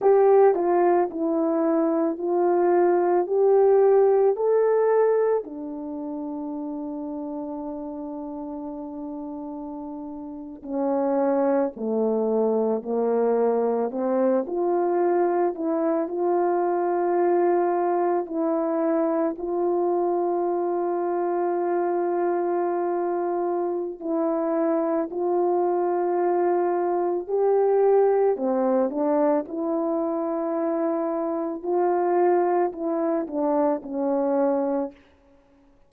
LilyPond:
\new Staff \with { instrumentName = "horn" } { \time 4/4 \tempo 4 = 55 g'8 f'8 e'4 f'4 g'4 | a'4 d'2.~ | d'4.~ d'16 cis'4 a4 ais16~ | ais8. c'8 f'4 e'8 f'4~ f'16~ |
f'8. e'4 f'2~ f'16~ | f'2 e'4 f'4~ | f'4 g'4 c'8 d'8 e'4~ | e'4 f'4 e'8 d'8 cis'4 | }